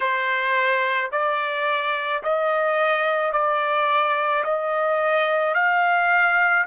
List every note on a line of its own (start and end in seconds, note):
0.00 1.10 C5
1.11 2.22 D5
2.23 3.32 D#5
3.32 4.43 D5
4.44 5.54 D#5
5.54 6.65 F5